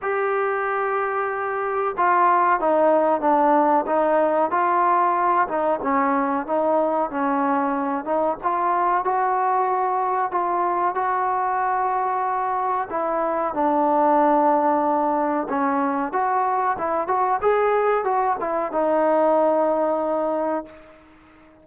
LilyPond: \new Staff \with { instrumentName = "trombone" } { \time 4/4 \tempo 4 = 93 g'2. f'4 | dis'4 d'4 dis'4 f'4~ | f'8 dis'8 cis'4 dis'4 cis'4~ | cis'8 dis'8 f'4 fis'2 |
f'4 fis'2. | e'4 d'2. | cis'4 fis'4 e'8 fis'8 gis'4 | fis'8 e'8 dis'2. | }